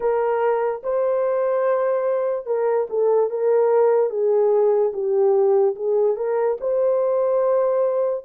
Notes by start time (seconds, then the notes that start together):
0.00 A#4
0.83 C5
2.45 A#4
2.89 A4
3.30 A#4
4.09 G#4
4.93 G4
5.75 G#4
6.16 A#4
6.60 C5